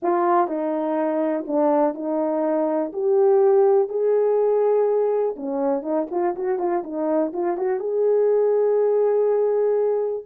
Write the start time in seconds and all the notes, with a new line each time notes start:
0.02 F4
0.47 D#4
1.47 D4
1.94 D#4
2.92 G4
3.88 G#4
5.36 C#4
5.82 D#4
6.10 F4
6.35 F#4
6.58 F4
6.83 D#4
7.33 F4
7.57 F#4
7.79 G#4